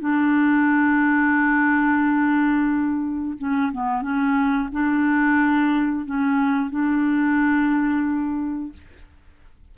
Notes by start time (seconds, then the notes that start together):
0.00 D4
3.38 C#4
3.72 B3
4.01 C#4
4.72 D4
6.05 C#4
6.70 D4